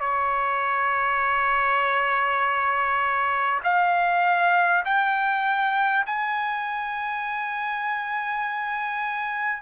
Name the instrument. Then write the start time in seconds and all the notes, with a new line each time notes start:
trumpet
0.00 C#5
3.63 F5
4.85 G5
6.06 G#5